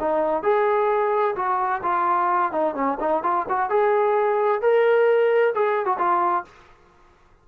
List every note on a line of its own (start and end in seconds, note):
0.00 0.43 D#4
0.43 1.36 G#4
1.36 1.82 F#4
1.83 2.52 F4
2.52 2.75 D#4
2.75 2.98 C#4
3.00 3.23 D#4
3.23 3.47 F4
3.49 3.70 F#4
3.70 4.62 G#4
4.62 5.54 A#4
5.55 5.86 G#4
5.86 5.98 F#4
5.99 6.45 F4